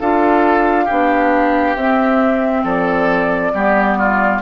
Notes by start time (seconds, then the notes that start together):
0.00 D4 F4 A4 F5
0.85 B3 D4 G4
1.75 C4 E5
2.64 F3 A4 D5
3.53 G3 B3 G4
3.98 F4